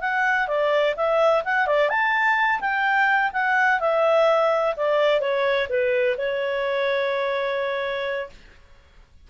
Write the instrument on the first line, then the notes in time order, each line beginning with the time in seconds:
clarinet
0.00 F#5
0.47 D5
0.96 E5
1.44 F#5
1.66 D5
1.89 A5
2.60 G5
3.33 F#5
3.80 E5
4.76 D5
5.20 C#5
5.69 B4
6.17 C#5